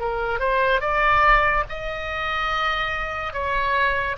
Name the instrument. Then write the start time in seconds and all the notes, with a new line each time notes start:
oboe
0.00 A#4
0.40 C5
0.81 D5
1.69 D#5
3.33 C#5